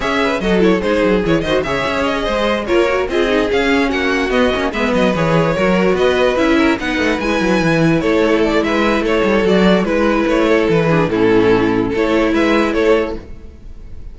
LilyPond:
<<
  \new Staff \with { instrumentName = "violin" } { \time 4/4 \tempo 4 = 146 e''4 dis''8 cis''8 c''4 cis''8 dis''8 | e''4 dis''4. cis''4 dis''8~ | dis''8 f''4 fis''4 dis''4 e''8 | dis''8 cis''2 dis''4 e''8~ |
e''8 fis''4 gis''2 cis''8~ | cis''8 d''8 e''4 cis''4 d''4 | b'4 cis''4 b'4 a'4~ | a'4 cis''4 e''4 cis''4 | }
  \new Staff \with { instrumentName = "violin" } { \time 4/4 cis''8 b'8 a'4 gis'4. c''8 | cis''4. c''4 ais'4 gis'8~ | gis'4. fis'2 b'8~ | b'4. ais'4 b'4. |
ais'8 b'2. a'8~ | a'4 b'4 a'2 | b'4. a'4 gis'8 e'4~ | e'4 a'4 b'4 a'4 | }
  \new Staff \with { instrumentName = "viola" } { \time 4/4 gis'4 fis'8 e'8 dis'4 e'8 fis'8 | gis'2~ gis'8 f'8 fis'8 f'8 | dis'8 cis'2 b8 cis'8 b8~ | b8 gis'4 fis'2 e'8~ |
e'8 dis'4 e'2~ e'8~ | e'2. fis'4 | e'2~ e'8 d'8 cis'4~ | cis'4 e'2. | }
  \new Staff \with { instrumentName = "cello" } { \time 4/4 cis'4 fis4 gis8 fis8 e8 dis8 | cis8 cis'4 gis4 ais4 c'8~ | c'8 cis'4 ais4 b8 ais8 gis8 | fis8 e4 fis4 b4 cis'8~ |
cis'8 b8 a8 gis8 fis8 e4 a8~ | a4 gis4 a8 g8 fis4 | gis4 a4 e4 a,4~ | a,4 a4 gis4 a4 | }
>>